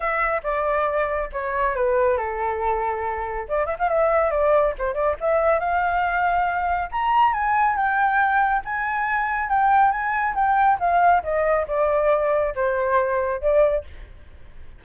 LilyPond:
\new Staff \with { instrumentName = "flute" } { \time 4/4 \tempo 4 = 139 e''4 d''2 cis''4 | b'4 a'2. | d''8 e''16 f''16 e''4 d''4 c''8 d''8 | e''4 f''2. |
ais''4 gis''4 g''2 | gis''2 g''4 gis''4 | g''4 f''4 dis''4 d''4~ | d''4 c''2 d''4 | }